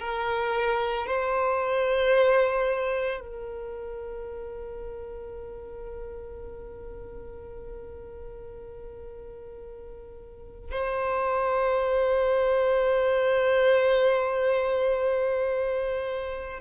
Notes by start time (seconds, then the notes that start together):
0.00 A#4
1.07 C5
3.21 A#4
10.71 C5